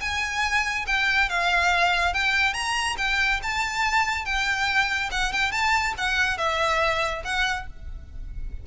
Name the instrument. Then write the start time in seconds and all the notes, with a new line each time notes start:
violin
0.00 G#5
0.86 G5
1.29 F5
2.13 G5
2.53 A#5
2.97 G5
3.42 A5
4.25 G5
5.11 F#5
5.32 G5
5.51 A5
5.97 F#5
6.37 E5
7.24 F#5